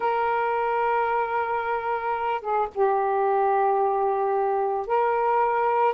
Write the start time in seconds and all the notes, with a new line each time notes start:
0.00 A#4
2.41 G#4
2.74 G4
4.86 A#4